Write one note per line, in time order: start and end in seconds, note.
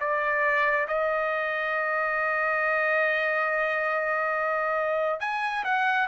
0.00 0.87 D5
0.88 5.20 D#5
5.20 5.64 G#5
5.64 6.08 F#5